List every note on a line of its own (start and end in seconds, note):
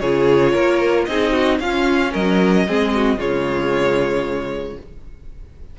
0.00 0.54 C#3
0.00 1.09 F4
0.00 0.52 G#4
0.00 1.05 C#5
0.52 1.07 A#3
0.52 1.06 A#4
1.05 1.60 C4
1.05 1.62 D#4
1.05 1.33 G#4
1.05 1.58 D#5
1.33 1.59 F#4
1.60 2.13 C#4
1.60 2.68 C#4
1.60 2.12 F4
1.60 2.13 F5
2.12 2.68 F#3
2.12 2.65 A#4
2.12 3.20 D#5
2.68 3.17 G#3
2.68 3.18 C4
2.68 2.95 G#4
2.95 3.18 F#4
3.17 4.77 C#3
3.17 4.77 G#3
3.17 4.77 F4
3.17 4.79 C#5